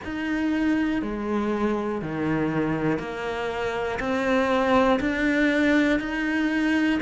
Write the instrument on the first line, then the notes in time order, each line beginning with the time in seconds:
cello
0.04 D#4
1.01 G#3
2.01 D#3
2.98 A#3
3.99 C4
5.00 D4
5.99 D#4